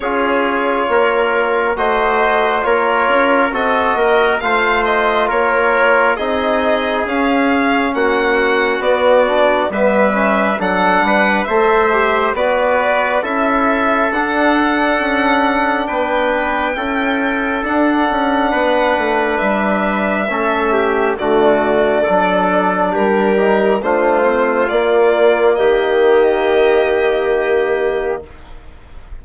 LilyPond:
<<
  \new Staff \with { instrumentName = "violin" } { \time 4/4 \tempo 4 = 68 cis''2 dis''4 cis''4 | dis''4 f''8 dis''8 cis''4 dis''4 | f''4 fis''4 d''4 e''4 | fis''4 e''4 d''4 e''4 |
fis''2 g''2 | fis''2 e''2 | d''2 ais'4 c''4 | d''4 dis''2. | }
  \new Staff \with { instrumentName = "trumpet" } { \time 4/4 gis'4 ais'4 c''4 ais'4 | a'8 ais'8 c''4 ais'4 gis'4~ | gis'4 fis'2 b'4 | a'8 b'8 c''4 b'4 a'4~ |
a'2 b'4 a'4~ | a'4 b'2 a'8 g'8 | fis'4 a'4 g'4 f'4~ | f'4 g'2. | }
  \new Staff \with { instrumentName = "trombone" } { \time 4/4 f'2 fis'4 f'4 | fis'4 f'2 dis'4 | cis'2 b8 d'8 b8 cis'8 | d'4 a'8 g'8 fis'4 e'4 |
d'2. e'4 | d'2. cis'4 | a4 d'4. dis'8 d'8 c'8 | ais1 | }
  \new Staff \with { instrumentName = "bassoon" } { \time 4/4 cis'4 ais4 a4 ais8 cis'8 | c'8 ais8 a4 ais4 c'4 | cis'4 ais4 b4 g4 | fis8 g8 a4 b4 cis'4 |
d'4 cis'4 b4 cis'4 | d'8 cis'8 b8 a8 g4 a4 | d4 fis4 g4 a4 | ais4 dis2. | }
>>